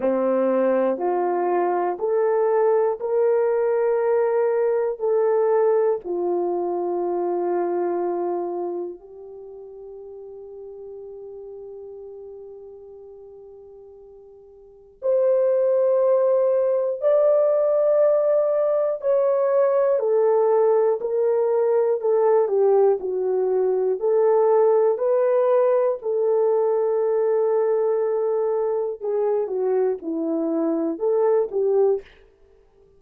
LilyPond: \new Staff \with { instrumentName = "horn" } { \time 4/4 \tempo 4 = 60 c'4 f'4 a'4 ais'4~ | ais'4 a'4 f'2~ | f'4 g'2.~ | g'2. c''4~ |
c''4 d''2 cis''4 | a'4 ais'4 a'8 g'8 fis'4 | a'4 b'4 a'2~ | a'4 gis'8 fis'8 e'4 a'8 g'8 | }